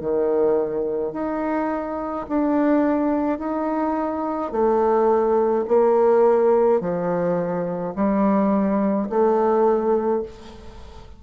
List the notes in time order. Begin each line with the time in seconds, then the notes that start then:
0.00 D#3
1.13 D#4
2.28 D4
3.38 D#4
4.52 A3
5.68 A#3
6.80 F3
7.95 G3
9.09 A3